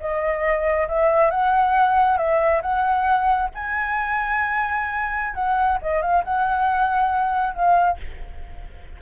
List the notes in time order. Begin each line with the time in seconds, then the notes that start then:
0.00 D#5
0.88 E5
1.30 F#5
2.17 E5
2.62 F#5
3.54 G#5
5.34 F#5
5.81 D#5
6.01 F5
6.24 F#5
7.54 F5